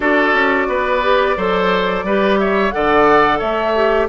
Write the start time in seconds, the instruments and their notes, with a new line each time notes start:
0.00 bassoon D4, clarinet F#4, oboe A4, flute D5
0.33 bassoon C#4
0.67 bassoon B3, oboe B4
1.02 clarinet G4
1.37 bassoon F#3, clarinet A4, oboe C5
2.03 bassoon G3, clarinet G4, oboe B4
2.38 oboe C#5, flute E5
2.71 bassoon D3, clarinet A4, oboe D5, flute F#5
3.38 bassoon A3, oboe C#5, flute E5
3.75 clarinet G4